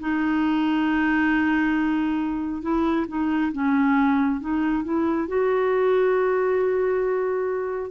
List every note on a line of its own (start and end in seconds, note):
0.00 2.62 D#4
2.62 3.06 E4
3.08 3.52 D#4
3.53 4.40 C#4
4.40 4.84 D#4
4.84 5.28 E4
5.28 7.91 F#4